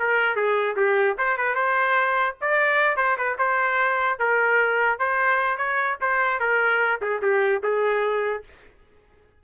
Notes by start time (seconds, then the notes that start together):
0.00 A#4
0.36 G#4
0.77 G4
1.18 C5
1.38 B4
1.56 C5
2.42 D5
2.97 C5
3.18 B4
3.39 C5
4.20 A#4
4.99 C5
5.58 C#5
6.02 C5
6.40 A#4
7.02 G#4
7.22 G4
7.64 G#4